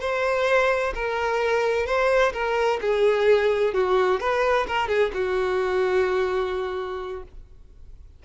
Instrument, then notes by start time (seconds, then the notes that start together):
violin
0.00 C5
0.94 A#4
1.86 C5
2.33 A#4
2.81 G#4
3.73 F#4
4.20 B4
4.67 A#4
4.88 G#4
5.13 F#4